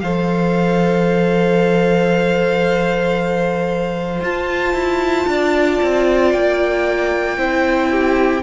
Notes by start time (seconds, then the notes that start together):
0.00 F3 A4 C5 F5
4.21 F4 A5
4.73 E4
5.27 D4 D5
5.82 C4
6.32 A#3 G5
7.37 C4 E4 C5
7.91 G4